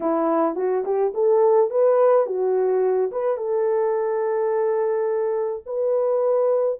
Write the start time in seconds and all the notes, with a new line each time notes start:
0.00 E4
0.55 F#4
0.84 G4
1.14 A4
1.70 B4
2.26 F#4
3.11 B4
3.37 A4
5.66 B4